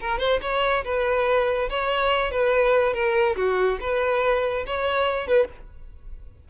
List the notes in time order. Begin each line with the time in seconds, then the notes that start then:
0.00 A#4
0.19 C5
0.41 C#5
0.84 B4
1.69 C#5
2.31 B4
2.93 A#4
3.36 F#4
3.80 B4
4.66 C#5
5.27 B4